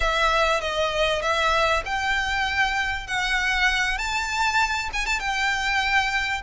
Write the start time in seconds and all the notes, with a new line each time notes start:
0.00 E5
0.60 D#5
1.22 E5
1.85 G5
3.07 F#5
3.97 A5
4.93 G#5
5.06 A5
5.19 G5